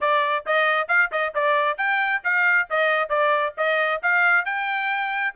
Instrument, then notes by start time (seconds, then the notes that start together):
trumpet
0.00 D5
0.45 D#5
0.88 F5
1.11 D#5
1.34 D5
1.77 G5
2.24 F5
2.69 D#5
3.09 D5
3.57 D#5
4.02 F5
4.45 G5